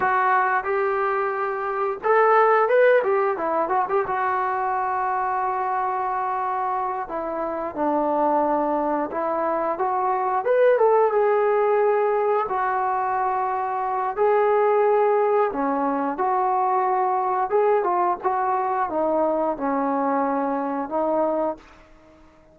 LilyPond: \new Staff \with { instrumentName = "trombone" } { \time 4/4 \tempo 4 = 89 fis'4 g'2 a'4 | b'8 g'8 e'8 fis'16 g'16 fis'2~ | fis'2~ fis'8 e'4 d'8~ | d'4. e'4 fis'4 b'8 |
a'8 gis'2 fis'4.~ | fis'4 gis'2 cis'4 | fis'2 gis'8 f'8 fis'4 | dis'4 cis'2 dis'4 | }